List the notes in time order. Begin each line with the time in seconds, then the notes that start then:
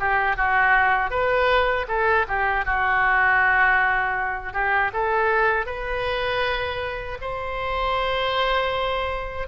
0.00 G4
0.37 F#4
1.11 B4
1.88 A4
2.29 G4
2.66 F#4
4.54 G4
4.94 A4
5.67 B4
7.22 C5